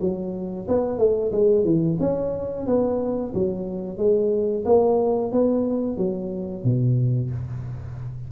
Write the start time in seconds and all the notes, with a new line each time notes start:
0.00 F#3
0.68 B3
0.98 A3
1.32 G#3
1.64 E3
2.00 C#4
2.66 B3
3.34 F#3
3.98 G#3
4.65 A#3
5.32 B3
5.97 F#3
6.64 B2